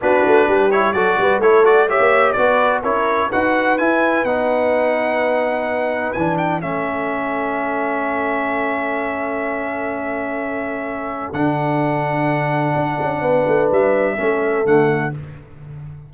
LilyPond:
<<
  \new Staff \with { instrumentName = "trumpet" } { \time 4/4 \tempo 4 = 127 b'4. cis''8 d''4 cis''8 d''8 | e''4 d''4 cis''4 fis''4 | gis''4 fis''2.~ | fis''4 gis''8 g''8 e''2~ |
e''1~ | e''1 | fis''1~ | fis''4 e''2 fis''4 | }
  \new Staff \with { instrumentName = "horn" } { \time 4/4 fis'4 g'4 a'8 b'8 a'4 | cis''4 b'4 ais'4 b'4~ | b'1~ | b'2 a'2~ |
a'1~ | a'1~ | a'1 | b'2 a'2 | }
  \new Staff \with { instrumentName = "trombone" } { \time 4/4 d'4. e'8 fis'4 e'8 fis'8 | g'4 fis'4 e'4 fis'4 | e'4 dis'2.~ | dis'4 d'4 cis'2~ |
cis'1~ | cis'1 | d'1~ | d'2 cis'4 a4 | }
  \new Staff \with { instrumentName = "tuba" } { \time 4/4 b8 a8 g4 fis8 g8 a4~ | a16 ais8. b4 cis'4 dis'4 | e'4 b2.~ | b4 e4 a2~ |
a1~ | a1 | d2. d'8 cis'8 | b8 a8 g4 a4 d4 | }
>>